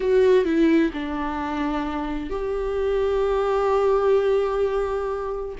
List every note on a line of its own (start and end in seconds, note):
0.00 0.44 F#4
0.44 0.91 E4
0.93 2.29 D4
2.29 5.55 G4